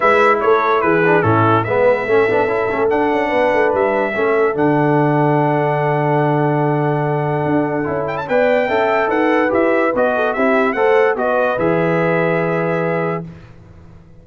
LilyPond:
<<
  \new Staff \with { instrumentName = "trumpet" } { \time 4/4 \tempo 4 = 145 e''4 cis''4 b'4 a'4 | e''2. fis''4~ | fis''4 e''2 fis''4~ | fis''1~ |
fis''2.~ fis''8 g''16 a''16 | g''2 fis''4 e''4 | dis''4 e''4 fis''4 dis''4 | e''1 | }
  \new Staff \with { instrumentName = "horn" } { \time 4/4 b'4 a'4 gis'4 e'4 | b'4 a'2. | b'2 a'2~ | a'1~ |
a'1 | d''4 e''4 b'2~ | b'8 a'8 g'4 c''4 b'4~ | b'1 | }
  \new Staff \with { instrumentName = "trombone" } { \time 4/4 e'2~ e'8 d'8 cis'4 | b4 cis'8 d'8 e'8 cis'8 d'4~ | d'2 cis'4 d'4~ | d'1~ |
d'2. e'4 | b'4 a'2 g'4 | fis'4 e'4 a'4 fis'4 | gis'1 | }
  \new Staff \with { instrumentName = "tuba" } { \time 4/4 gis4 a4 e4 a,4 | gis4 a8 b8 cis'8 a8 d'8 cis'8 | b8 a8 g4 a4 d4~ | d1~ |
d2 d'4 cis'4 | b4 cis'4 dis'4 e'4 | b4 c'4 a4 b4 | e1 | }
>>